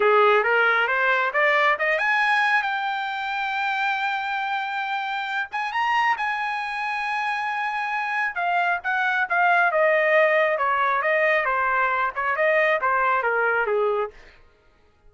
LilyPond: \new Staff \with { instrumentName = "trumpet" } { \time 4/4 \tempo 4 = 136 gis'4 ais'4 c''4 d''4 | dis''8 gis''4. g''2~ | g''1~ | g''8 gis''8 ais''4 gis''2~ |
gis''2. f''4 | fis''4 f''4 dis''2 | cis''4 dis''4 c''4. cis''8 | dis''4 c''4 ais'4 gis'4 | }